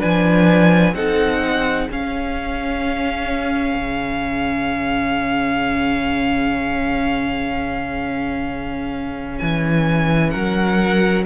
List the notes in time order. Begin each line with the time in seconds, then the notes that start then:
0.00 F3 D4 B4 G#5
0.94 C4 D#4 A4 F#5
1.42 G#4
1.90 C#4 F5
3.76 C#3
9.39 E3 G#5
10.31 F#3 A#4 F#5